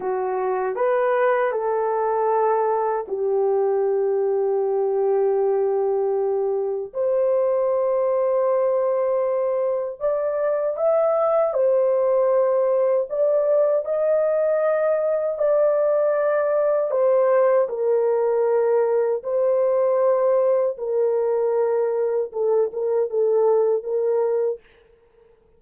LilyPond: \new Staff \with { instrumentName = "horn" } { \time 4/4 \tempo 4 = 78 fis'4 b'4 a'2 | g'1~ | g'4 c''2.~ | c''4 d''4 e''4 c''4~ |
c''4 d''4 dis''2 | d''2 c''4 ais'4~ | ais'4 c''2 ais'4~ | ais'4 a'8 ais'8 a'4 ais'4 | }